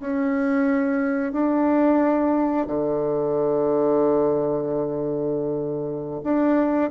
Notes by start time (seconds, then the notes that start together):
0.00 C#4
1.32 D4
2.67 D3
6.23 D4